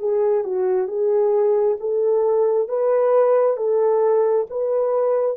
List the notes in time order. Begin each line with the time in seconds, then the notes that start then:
0.00 G#4
0.45 F#4
0.88 G#4
1.80 A4
2.69 B4
3.57 A4
4.50 B4